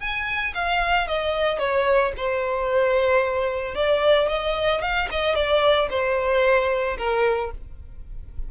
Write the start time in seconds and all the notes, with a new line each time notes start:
0.00 G#5
0.54 F5
1.07 D#5
1.59 C#5
2.17 C5
3.75 D5
4.28 D#5
4.81 F5
5.11 D#5
5.35 D5
5.90 C5
6.97 A#4